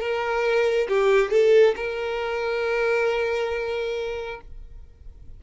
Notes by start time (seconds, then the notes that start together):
0.00 A#4
0.89 G4
1.31 A4
1.76 A#4